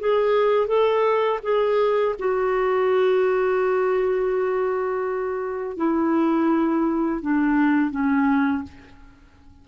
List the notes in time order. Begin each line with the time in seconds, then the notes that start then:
0.00 G#4
0.67 A4
1.43 G#4
2.19 F#4
5.77 E4
7.22 D4
7.91 C#4